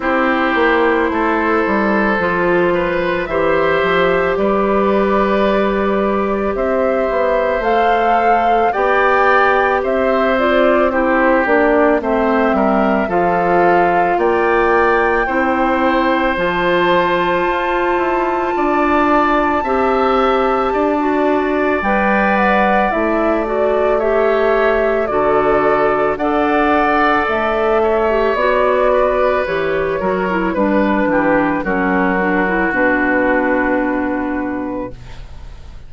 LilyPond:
<<
  \new Staff \with { instrumentName = "flute" } { \time 4/4 \tempo 4 = 55 c''2. e''4 | d''2 e''4 f''4 | g''4 e''8 d''8 c''8 d''8 e''4 | f''4 g''2 a''4~ |
a''1 | g''8 fis''8 e''8 d''8 e''4 d''4 | fis''4 e''4 d''4 cis''4 | b'4 ais'4 b'2 | }
  \new Staff \with { instrumentName = "oboe" } { \time 4/4 g'4 a'4. b'8 c''4 | b'2 c''2 | d''4 c''4 g'4 c''8 ais'8 | a'4 d''4 c''2~ |
c''4 d''4 e''4 d''4~ | d''2 cis''4 a'4 | d''4. cis''4 b'4 ais'8 | b'8 g'8 fis'2. | }
  \new Staff \with { instrumentName = "clarinet" } { \time 4/4 e'2 f'4 g'4~ | g'2. a'4 | g'4. f'8 e'8 d'8 c'4 | f'2 e'4 f'4~ |
f'2 g'4~ g'16 fis'8. | b'4 e'8 fis'8 g'4 fis'4 | a'4.~ a'16 g'16 fis'4 g'8 fis'16 e'16 | d'4 cis'8 d'16 e'16 d'2 | }
  \new Staff \with { instrumentName = "bassoon" } { \time 4/4 c'8 ais8 a8 g8 f4 e8 f8 | g2 c'8 b8 a4 | b4 c'4. ais8 a8 g8 | f4 ais4 c'4 f4 |
f'8 e'8 d'4 c'4 d'4 | g4 a2 d4 | d'4 a4 b4 e8 fis8 | g8 e8 fis4 b,2 | }
>>